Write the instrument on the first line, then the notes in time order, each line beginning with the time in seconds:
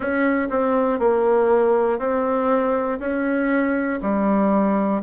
bassoon
0.00 C#4
0.50 C4
0.99 A#3
1.99 C4
3.00 C#4
4.02 G3